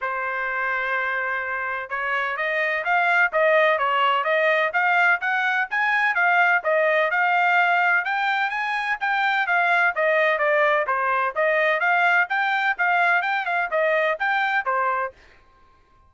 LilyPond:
\new Staff \with { instrumentName = "trumpet" } { \time 4/4 \tempo 4 = 127 c''1 | cis''4 dis''4 f''4 dis''4 | cis''4 dis''4 f''4 fis''4 | gis''4 f''4 dis''4 f''4~ |
f''4 g''4 gis''4 g''4 | f''4 dis''4 d''4 c''4 | dis''4 f''4 g''4 f''4 | g''8 f''8 dis''4 g''4 c''4 | }